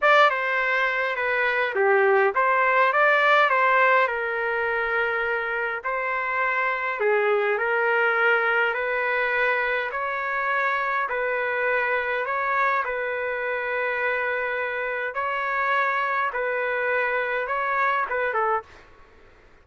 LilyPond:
\new Staff \with { instrumentName = "trumpet" } { \time 4/4 \tempo 4 = 103 d''8 c''4. b'4 g'4 | c''4 d''4 c''4 ais'4~ | ais'2 c''2 | gis'4 ais'2 b'4~ |
b'4 cis''2 b'4~ | b'4 cis''4 b'2~ | b'2 cis''2 | b'2 cis''4 b'8 a'8 | }